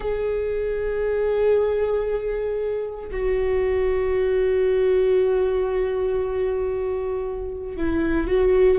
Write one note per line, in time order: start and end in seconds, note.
0.00 3.10 G#4
3.11 7.76 F#4
7.76 8.27 E4
8.27 8.78 F#4